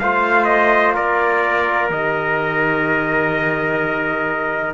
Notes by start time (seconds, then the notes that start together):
0.00 A3 F4 C5 F5
0.45 D#5
0.95 A#3 A#4 D5
1.90 D#3 G4 D#5